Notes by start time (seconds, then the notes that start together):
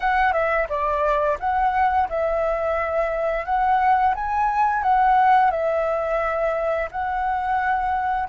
0.00 F#5
0.32 E5
0.69 D5
1.39 F#5
2.09 E5
3.45 F#5
4.14 G#5
4.82 F#5
5.50 E5
6.91 F#5